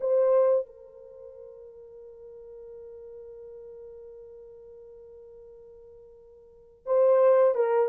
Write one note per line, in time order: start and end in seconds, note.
0.00 0.66 C5
0.66 6.86 A#4
6.86 7.55 C5
7.55 7.89 A#4